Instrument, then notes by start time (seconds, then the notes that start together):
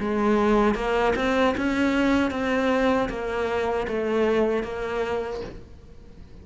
cello
0.00 G#3
0.75 A#3
1.16 C4
1.58 C#4
2.31 C4
3.10 A#3
3.88 A3
4.64 A#3